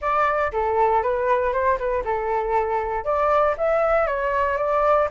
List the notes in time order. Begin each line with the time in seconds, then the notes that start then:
0.01 D5
0.52 A4
1.02 B4
1.52 C5
1.78 B4
2.04 A4
3.04 D5
3.57 E5
4.07 C#5
4.57 D5